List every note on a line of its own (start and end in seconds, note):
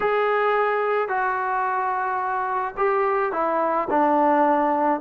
0.00 1.08 G#4
1.08 2.74 F#4
2.77 3.32 G4
3.32 3.87 E4
3.90 5.01 D4